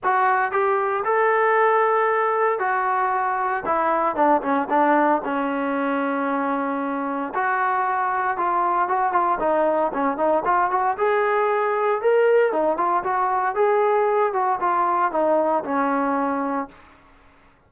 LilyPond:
\new Staff \with { instrumentName = "trombone" } { \time 4/4 \tempo 4 = 115 fis'4 g'4 a'2~ | a'4 fis'2 e'4 | d'8 cis'8 d'4 cis'2~ | cis'2 fis'2 |
f'4 fis'8 f'8 dis'4 cis'8 dis'8 | f'8 fis'8 gis'2 ais'4 | dis'8 f'8 fis'4 gis'4. fis'8 | f'4 dis'4 cis'2 | }